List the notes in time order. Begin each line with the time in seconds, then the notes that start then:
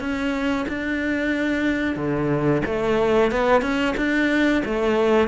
0.00 C#4
0.68 D4
1.96 D3
2.66 A3
3.31 B3
3.61 C#4
3.97 D4
4.65 A3